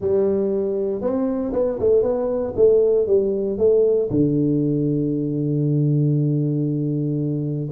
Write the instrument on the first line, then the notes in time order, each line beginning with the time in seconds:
tuba
0.00 G3
1.01 C4
1.52 B3
1.79 A3
2.02 B3
2.55 A3
3.06 G3
3.58 A3
4.10 D3